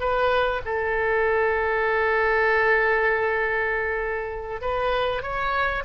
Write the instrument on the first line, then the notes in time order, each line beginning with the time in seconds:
oboe
0.00 B4
0.65 A4
4.61 B4
5.22 C#5